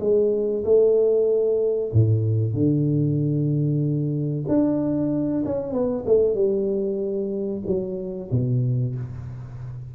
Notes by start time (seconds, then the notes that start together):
0.00 G#3
0.64 A3
1.93 A2
2.53 D3
4.48 D4
5.45 C#4
5.72 B3
6.06 A3
6.34 G3
7.66 F#3
8.31 B2